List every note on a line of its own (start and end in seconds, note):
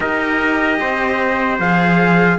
0.00 0.79 D#4
0.00 1.59 G4
0.00 0.79 A#4
0.00 1.59 D#5
0.80 1.59 C4
0.80 2.38 C5
1.59 2.38 F3
1.59 2.38 G#4
1.59 2.38 F5